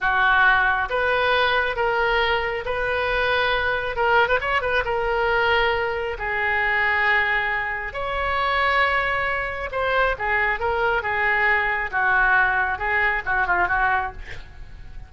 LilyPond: \new Staff \with { instrumentName = "oboe" } { \time 4/4 \tempo 4 = 136 fis'2 b'2 | ais'2 b'2~ | b'4 ais'8. b'16 cis''8 b'8 ais'4~ | ais'2 gis'2~ |
gis'2 cis''2~ | cis''2 c''4 gis'4 | ais'4 gis'2 fis'4~ | fis'4 gis'4 fis'8 f'8 fis'4 | }